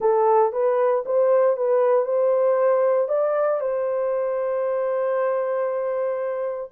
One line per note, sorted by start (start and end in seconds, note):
0.00 0.52 A4
0.52 1.04 B4
1.05 1.57 C5
1.57 2.05 B4
2.05 3.08 C5
3.08 3.60 D5
3.60 6.70 C5